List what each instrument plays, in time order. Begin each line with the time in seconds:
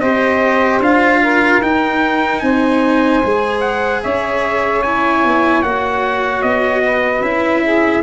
0.00 tuba C4, cello G4, saxophone C5, trumpet D#5
0.81 tuba D4, cello F4, trumpet F5
1.23 saxophone A#4
1.62 tuba D#4, cello D#4, trumpet G5
2.40 tuba C4, saxophone C5, trumpet G#5
3.24 tuba G#3, cello G#4
3.61 trumpet F#5
4.03 tuba C#4, saxophone C#5, trumpet E5
4.83 cello E4, trumpet G#5
5.25 tuba B3
5.63 tuba A#3, cello F#4, trumpet F#5
6.43 tuba B3, trumpet D#5
6.84 saxophone B4
7.21 tuba C#4, cello E4, trumpet E5
7.63 saxophone G#4